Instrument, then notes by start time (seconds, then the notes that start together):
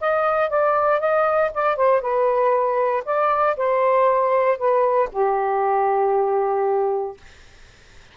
saxophone
0.00 D#5
0.49 D5
1.00 D#5
1.54 D5
1.76 C5
2.01 B4
3.05 D5
3.57 C5
4.58 B4
5.12 G4